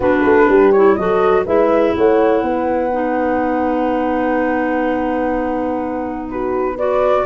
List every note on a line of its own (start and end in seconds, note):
0.00 0.23 B3
0.00 0.73 D4
0.00 0.47 F#4
0.00 0.72 B4
0.24 0.48 A3
0.48 0.97 G3
0.48 0.98 G4
0.72 0.98 E4
0.72 0.95 C#5
0.95 1.45 F#3
0.95 1.46 F#4
0.95 1.45 A4
0.95 1.43 D#5
1.45 1.94 G#3
1.45 2.91 E4
1.45 1.93 B4
1.45 1.94 E5
1.94 2.41 A3
1.94 2.43 C#5
1.94 6.29 F#5
2.41 7.25 B3
2.41 6.30 B4
2.91 6.78 D#4
6.29 6.75 F#4
6.29 6.77 B4
6.75 7.25 F#4
6.75 7.23 B4
6.75 7.25 D5